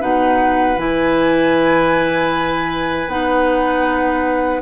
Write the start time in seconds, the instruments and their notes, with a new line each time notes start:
0.00 bassoon B2, clarinet D#4, oboe B4, flute F#5
0.76 bassoon E3, clarinet E4, flute G#5
3.07 bassoon B3, clarinet D#4, flute F#5